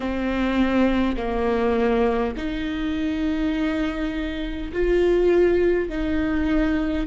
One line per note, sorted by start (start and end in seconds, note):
0.00 1.16 C4
1.16 2.34 A#3
2.36 4.72 D#4
4.73 5.89 F4
5.89 7.06 D#4